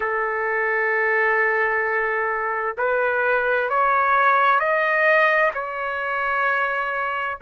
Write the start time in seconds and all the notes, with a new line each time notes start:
0.00 A4
2.77 B4
3.69 C#5
4.59 D#5
5.53 C#5